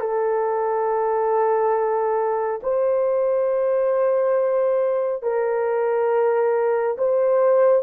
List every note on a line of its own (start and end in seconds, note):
0.00 2.61 A4
2.63 5.23 C5
5.23 6.97 A#4
6.98 7.83 C5